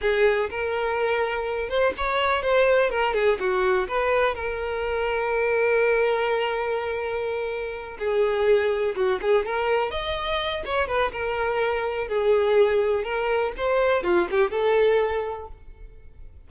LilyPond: \new Staff \with { instrumentName = "violin" } { \time 4/4 \tempo 4 = 124 gis'4 ais'2~ ais'8 c''8 | cis''4 c''4 ais'8 gis'8 fis'4 | b'4 ais'2.~ | ais'1~ |
ais'8 gis'2 fis'8 gis'8 ais'8~ | ais'8 dis''4. cis''8 b'8 ais'4~ | ais'4 gis'2 ais'4 | c''4 f'8 g'8 a'2 | }